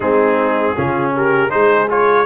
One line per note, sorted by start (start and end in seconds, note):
0.00 0.74 G#3
0.00 0.76 C4
0.00 0.75 D#4
0.00 1.11 G#4
0.76 1.53 C#3
0.76 1.49 C#4
0.76 1.14 F4
1.15 1.51 G4
1.15 1.50 A#4
1.49 2.26 G#3
1.49 1.87 D#4
1.49 2.26 G#4
1.49 1.88 C5
1.89 2.26 F4
1.89 2.26 C#5